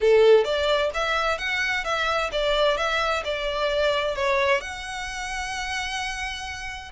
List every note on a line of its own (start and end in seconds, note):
0.00 0.44 A4
0.44 0.90 D5
0.94 1.38 E5
1.38 1.84 F#5
1.84 2.30 E5
2.31 2.77 D5
2.77 3.23 E5
3.24 4.15 D5
4.15 4.60 C#5
4.60 6.91 F#5